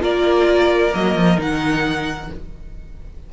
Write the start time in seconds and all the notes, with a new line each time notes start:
0.00 A#3 F4 A#4 D5
0.91 F#3 A#3 D#5
1.15 F3
1.38 D#3 D#4 F#5